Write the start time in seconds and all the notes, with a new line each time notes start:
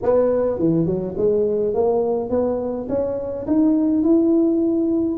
0.02 B3
0.58 E3
0.86 F#3
1.17 G#3
1.74 A#3
2.29 B3
2.88 C#4
3.46 D#4
4.03 E4